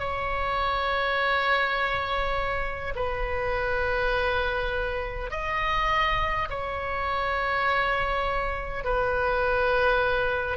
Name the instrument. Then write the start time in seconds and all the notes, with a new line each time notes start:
oboe
0.00 C#5
2.96 B4
5.31 D#5
6.50 C#5
8.84 B4